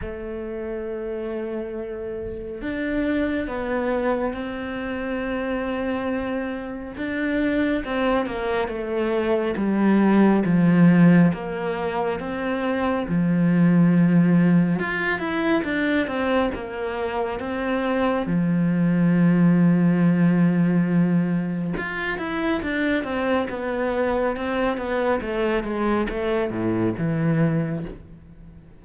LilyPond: \new Staff \with { instrumentName = "cello" } { \time 4/4 \tempo 4 = 69 a2. d'4 | b4 c'2. | d'4 c'8 ais8 a4 g4 | f4 ais4 c'4 f4~ |
f4 f'8 e'8 d'8 c'8 ais4 | c'4 f2.~ | f4 f'8 e'8 d'8 c'8 b4 | c'8 b8 a8 gis8 a8 a,8 e4 | }